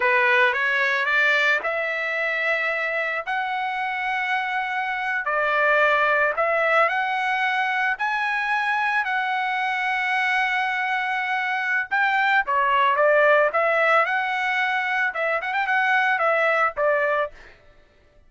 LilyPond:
\new Staff \with { instrumentName = "trumpet" } { \time 4/4 \tempo 4 = 111 b'4 cis''4 d''4 e''4~ | e''2 fis''2~ | fis''4.~ fis''16 d''2 e''16~ | e''8. fis''2 gis''4~ gis''16~ |
gis''8. fis''2.~ fis''16~ | fis''2 g''4 cis''4 | d''4 e''4 fis''2 | e''8 fis''16 g''16 fis''4 e''4 d''4 | }